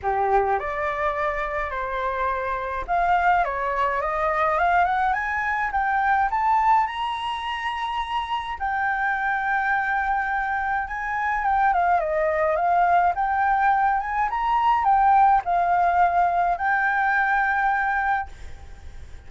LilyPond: \new Staff \with { instrumentName = "flute" } { \time 4/4 \tempo 4 = 105 g'4 d''2 c''4~ | c''4 f''4 cis''4 dis''4 | f''8 fis''8 gis''4 g''4 a''4 | ais''2. g''4~ |
g''2. gis''4 | g''8 f''8 dis''4 f''4 g''4~ | g''8 gis''8 ais''4 g''4 f''4~ | f''4 g''2. | }